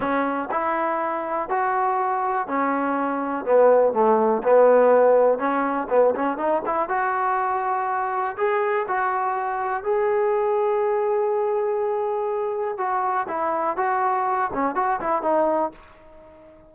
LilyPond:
\new Staff \with { instrumentName = "trombone" } { \time 4/4 \tempo 4 = 122 cis'4 e'2 fis'4~ | fis'4 cis'2 b4 | a4 b2 cis'4 | b8 cis'8 dis'8 e'8 fis'2~ |
fis'4 gis'4 fis'2 | gis'1~ | gis'2 fis'4 e'4 | fis'4. cis'8 fis'8 e'8 dis'4 | }